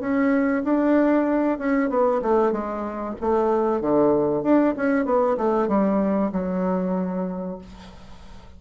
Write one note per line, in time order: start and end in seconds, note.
0.00 0.63 C#4
0.64 1.59 D4
1.59 1.89 C#4
1.89 2.21 B3
2.22 2.52 A3
2.52 3.15 G#3
3.21 3.81 A3
3.81 4.43 D3
4.43 4.75 D4
4.77 5.05 C#4
5.05 5.37 B3
5.37 5.68 A3
5.68 6.32 G3
6.32 7.58 F#3